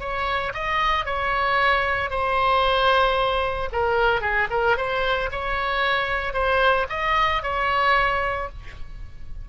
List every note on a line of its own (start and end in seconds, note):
0.00 0.53 C#5
0.54 1.05 D#5
1.05 2.10 C#5
2.10 3.70 C5
3.73 4.21 A#4
4.21 4.48 G#4
4.51 4.77 A#4
4.77 5.30 C5
5.32 6.34 C#5
6.34 6.87 C5
6.90 7.43 D#5
7.43 8.49 C#5